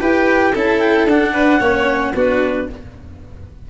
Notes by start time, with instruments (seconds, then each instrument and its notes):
0.00 tuba E4, cello G4, violin B4, clarinet G5
0.52 tuba C#4, cello E4, violin A4, clarinet A5
0.80 clarinet G5
1.05 tuba D4, cello D4, clarinet F#5
1.33 violin B4
1.59 tuba A#3, cello C#4, violin C#5
2.14 tuba B3, cello D4, violin F#4, clarinet B4